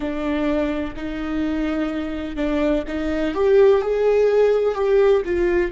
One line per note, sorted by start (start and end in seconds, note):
0.00 0.94 D4
0.96 2.35 D#4
2.35 2.83 D4
2.87 3.34 D#4
3.34 3.81 G4
3.81 4.74 G#4
4.74 5.22 G4
5.25 5.71 F4